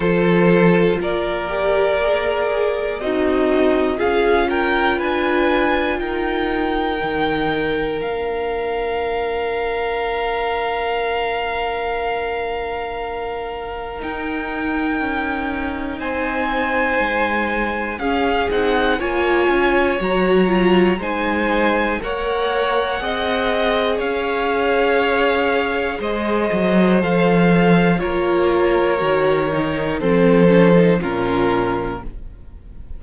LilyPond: <<
  \new Staff \with { instrumentName = "violin" } { \time 4/4 \tempo 4 = 60 c''4 d''2 dis''4 | f''8 g''8 gis''4 g''2 | f''1~ | f''2 g''2 |
gis''2 f''8 fis''8 gis''4 | ais''4 gis''4 fis''2 | f''2 dis''4 f''4 | cis''2 c''4 ais'4 | }
  \new Staff \with { instrumentName = "violin" } { \time 4/4 a'4 ais'2 dis'4 | gis'8 ais'8 b'4 ais'2~ | ais'1~ | ais'1 |
c''2 gis'4 cis''4~ | cis''4 c''4 cis''4 dis''4 | cis''2 c''2 | ais'2 a'4 f'4 | }
  \new Staff \with { instrumentName = "viola" } { \time 4/4 f'4. g'8 gis'4 fis'4 | f'2. dis'4 | d'1~ | d'2 dis'2~ |
dis'2 cis'8 dis'8 f'4 | fis'8 f'8 dis'4 ais'4 gis'4~ | gis'2. a'4 | f'4 fis'8 dis'8 c'8 cis'16 dis'16 cis'4 | }
  \new Staff \with { instrumentName = "cello" } { \time 4/4 f4 ais2 c'4 | cis'4 d'4 dis'4 dis4 | ais1~ | ais2 dis'4 cis'4 |
c'4 gis4 cis'8 c'8 ais8 cis'8 | fis4 gis4 ais4 c'4 | cis'2 gis8 fis8 f4 | ais4 dis4 f4 ais,4 | }
>>